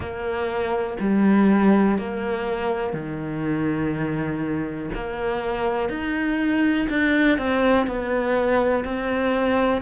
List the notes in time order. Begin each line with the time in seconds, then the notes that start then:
0.00 A#3
1.00 G3
1.98 A#3
2.93 D#3
4.94 A#3
5.89 D#4
6.89 D4
7.38 C4
7.86 B3
8.84 C4